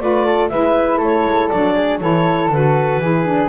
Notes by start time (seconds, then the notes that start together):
0.00 A3 F4 B4 D5
0.26 A4
0.49 G#3 E4 B4 E5
0.98 A3 A4
1.04 C#5
1.25 G#3
1.49 F#3 D4 D5
1.74 G#4
2.00 E3 E4 A4 C#5
2.49 D3 F#4 B4
2.98 E3 E4 G#4
3.26 D4